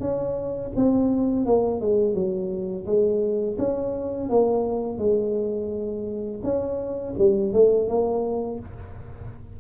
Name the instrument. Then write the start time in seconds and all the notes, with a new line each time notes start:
tuba
0.00 C#4
0.76 C4
1.46 A#3
1.81 G#3
2.14 F#3
2.86 G#3
3.58 C#4
4.29 A#3
4.98 G#3
6.43 C#4
7.18 G3
7.53 A3
7.88 A#3